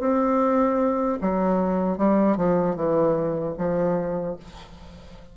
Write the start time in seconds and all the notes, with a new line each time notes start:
0.00 C4
1.21 F#3
1.98 G3
2.37 F3
2.76 E3
3.57 F3